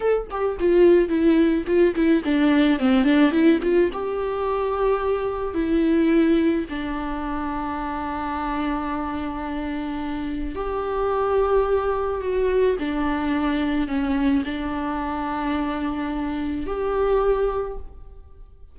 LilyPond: \new Staff \with { instrumentName = "viola" } { \time 4/4 \tempo 4 = 108 a'8 g'8 f'4 e'4 f'8 e'8 | d'4 c'8 d'8 e'8 f'8 g'4~ | g'2 e'2 | d'1~ |
d'2. g'4~ | g'2 fis'4 d'4~ | d'4 cis'4 d'2~ | d'2 g'2 | }